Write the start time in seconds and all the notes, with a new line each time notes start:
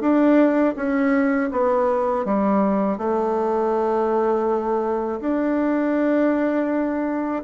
0.00 D4
0.76 C#4
1.51 B3
2.25 G3
2.98 A3
5.20 D4